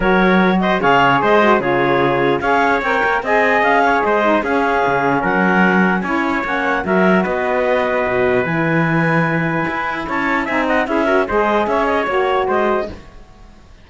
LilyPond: <<
  \new Staff \with { instrumentName = "clarinet" } { \time 4/4 \tempo 4 = 149 cis''4. dis''8 f''4 dis''4 | cis''2 f''4 g''4 | gis''4 f''4 dis''4 f''4~ | f''4 fis''2 gis''4 |
fis''4 e''4 dis''2~ | dis''4 gis''2.~ | gis''4 a''4 gis''8 fis''8 e''4 | dis''4 e''8 dis''8 cis''4 dis''4 | }
  \new Staff \with { instrumentName = "trumpet" } { \time 4/4 ais'4. c''8 cis''4 c''4 | gis'2 cis''2 | dis''4. cis''8 c''4 gis'4~ | gis'4 ais'2 cis''4~ |
cis''4 ais'4 b'2~ | b'1~ | b'4 cis''4 e''8 dis''8 gis'8 ais'8 | c''4 cis''2 c''4 | }
  \new Staff \with { instrumentName = "saxophone" } { \time 4/4 fis'2 gis'4. fis'8 | f'2 gis'4 ais'4 | gis'2~ gis'8 dis'8 cis'4~ | cis'2. e'4 |
cis'4 fis'2.~ | fis'4 e'2.~ | e'2 dis'4 e'8 fis'8 | gis'2 fis'2 | }
  \new Staff \with { instrumentName = "cello" } { \time 4/4 fis2 cis4 gis4 | cis2 cis'4 c'8 ais8 | c'4 cis'4 gis4 cis'4 | cis4 fis2 cis'4 |
ais4 fis4 b2 | b,4 e2. | e'4 cis'4 c'4 cis'4 | gis4 cis'4 ais4 gis4 | }
>>